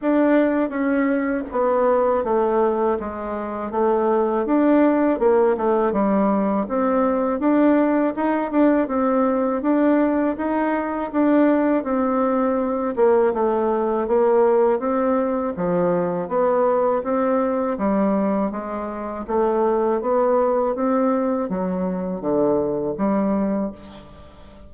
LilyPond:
\new Staff \with { instrumentName = "bassoon" } { \time 4/4 \tempo 4 = 81 d'4 cis'4 b4 a4 | gis4 a4 d'4 ais8 a8 | g4 c'4 d'4 dis'8 d'8 | c'4 d'4 dis'4 d'4 |
c'4. ais8 a4 ais4 | c'4 f4 b4 c'4 | g4 gis4 a4 b4 | c'4 fis4 d4 g4 | }